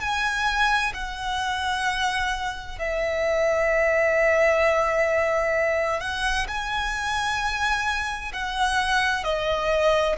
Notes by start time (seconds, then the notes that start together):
0.00 G#5
0.94 F#5
2.78 E5
6.00 F#5
6.47 G#5
8.32 F#5
9.23 D#5